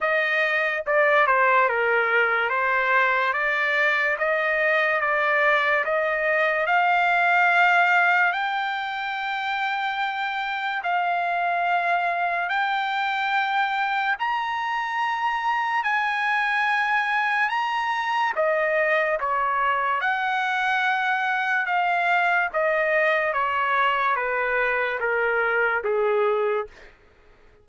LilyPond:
\new Staff \with { instrumentName = "trumpet" } { \time 4/4 \tempo 4 = 72 dis''4 d''8 c''8 ais'4 c''4 | d''4 dis''4 d''4 dis''4 | f''2 g''2~ | g''4 f''2 g''4~ |
g''4 ais''2 gis''4~ | gis''4 ais''4 dis''4 cis''4 | fis''2 f''4 dis''4 | cis''4 b'4 ais'4 gis'4 | }